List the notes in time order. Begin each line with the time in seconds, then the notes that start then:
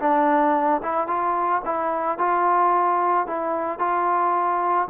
0.00 D4
0.83 E4
1.08 F4
1.65 E4
2.18 F4
3.28 E4
3.79 F4